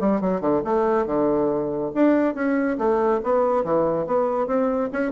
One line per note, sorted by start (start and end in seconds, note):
0.00 0.21 G3
0.21 0.41 F#3
0.41 0.63 D3
0.64 1.06 A3
1.06 1.92 D3
1.94 2.35 D4
2.35 2.77 C#4
2.78 3.21 A3
3.24 3.64 B3
3.64 4.07 E3
4.07 4.47 B3
4.47 4.90 C4
4.93 5.12 C#4